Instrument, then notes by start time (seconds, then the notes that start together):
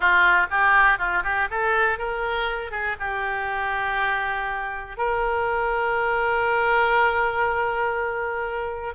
oboe
0.00 F4
0.50 G4
0.98 F4
1.23 G4
1.50 A4
1.98 A#4
2.71 G#4
2.99 G4
4.97 A#4